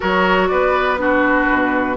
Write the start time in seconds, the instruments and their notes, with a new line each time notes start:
0.00 bassoon F#3, clarinet F#4, oboe A#4, flute C#5
0.47 bassoon B3, oboe B4, flute D5
0.97 clarinet D4, oboe F#4, flute B4
1.50 bassoon B2